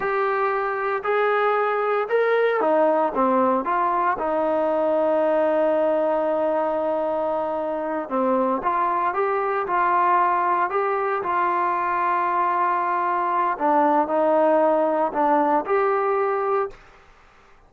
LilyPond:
\new Staff \with { instrumentName = "trombone" } { \time 4/4 \tempo 4 = 115 g'2 gis'2 | ais'4 dis'4 c'4 f'4 | dis'1~ | dis'2.~ dis'8 c'8~ |
c'8 f'4 g'4 f'4.~ | f'8 g'4 f'2~ f'8~ | f'2 d'4 dis'4~ | dis'4 d'4 g'2 | }